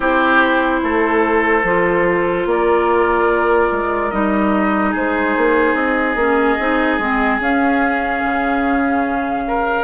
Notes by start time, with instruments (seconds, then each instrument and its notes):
0.00 bassoon C4, clarinet E4, oboe G4, flute C5
0.82 bassoon A3, oboe A4
1.63 bassoon F3, clarinet F4
2.45 bassoon A#3, oboe A#4, flute D5
3.71 bassoon G#3
4.10 bassoon G3, clarinet D#4, flute D#5
4.90 bassoon G#3, oboe G#4, flute C5
5.36 bassoon A#3
5.74 bassoon C4, flute D#5
6.15 bassoon A#3, clarinet C#4
6.59 bassoon C4, clarinet D#4
6.98 bassoon G#3, clarinet C4
7.39 bassoon C#4, clarinet C#4, flute F5
8.24 bassoon C#3
9.47 oboe A#4